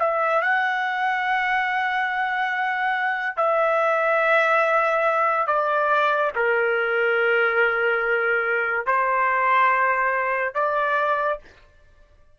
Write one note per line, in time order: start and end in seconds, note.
0.00 0.42 E5
0.42 3.37 F#5
3.37 5.47 E5
5.47 6.32 D5
6.36 8.87 A#4
8.87 10.54 C5
10.54 11.39 D5